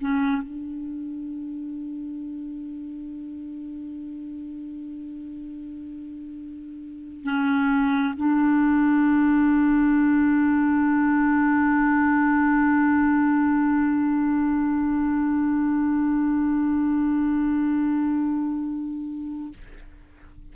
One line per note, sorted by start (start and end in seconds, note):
0.00 0.42 C#4
0.42 7.23 D4
7.23 8.14 C#4
8.17 19.53 D4